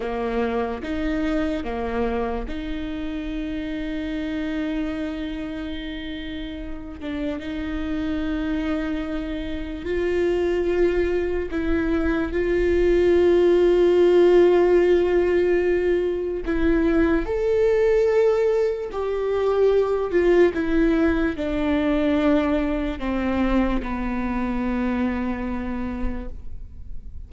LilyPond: \new Staff \with { instrumentName = "viola" } { \time 4/4 \tempo 4 = 73 ais4 dis'4 ais4 dis'4~ | dis'1~ | dis'8 d'8 dis'2. | f'2 e'4 f'4~ |
f'1 | e'4 a'2 g'4~ | g'8 f'8 e'4 d'2 | c'4 b2. | }